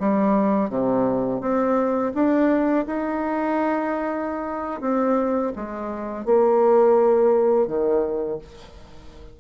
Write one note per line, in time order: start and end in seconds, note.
0.00 0.70 G3
0.70 1.42 C3
1.42 2.13 C4
2.15 2.86 D4
2.87 4.81 D#4
4.81 5.53 C4
5.56 6.26 G#3
6.26 7.68 A#3
7.68 8.39 D#3